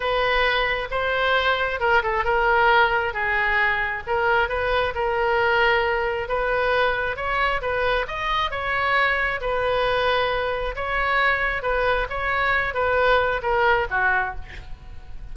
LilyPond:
\new Staff \with { instrumentName = "oboe" } { \time 4/4 \tempo 4 = 134 b'2 c''2 | ais'8 a'8 ais'2 gis'4~ | gis'4 ais'4 b'4 ais'4~ | ais'2 b'2 |
cis''4 b'4 dis''4 cis''4~ | cis''4 b'2. | cis''2 b'4 cis''4~ | cis''8 b'4. ais'4 fis'4 | }